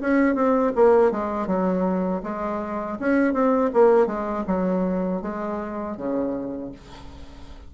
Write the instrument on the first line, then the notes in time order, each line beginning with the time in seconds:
bassoon
0.00 C#4
0.34 C4
0.75 A#3
1.11 G#3
1.47 F#3
2.23 G#3
2.99 C#4
3.33 C4
3.73 A#3
4.06 G#3
4.47 F#3
5.22 G#3
5.96 C#3